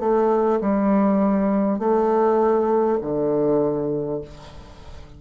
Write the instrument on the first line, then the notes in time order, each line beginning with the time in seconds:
bassoon
0.00 A3
0.61 G3
1.79 A3
3.01 D3